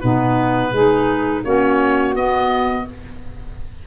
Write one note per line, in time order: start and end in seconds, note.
0.00 0.72 B2
0.00 0.74 B3
0.00 0.71 D#4
0.00 1.43 B4
0.71 1.44 G#3
0.71 1.44 D#4
0.71 1.42 G#4
1.42 2.14 A#3
1.42 2.14 C#4
1.42 2.85 F#4
1.42 2.15 C#5
2.14 2.85 B3
2.14 2.86 B3
2.14 2.87 D#5